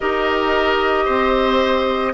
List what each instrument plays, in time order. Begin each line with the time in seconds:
0.00 bassoon D#4, clarinet G4, oboe A#4, flute D#5
1.05 bassoon C4, oboe C5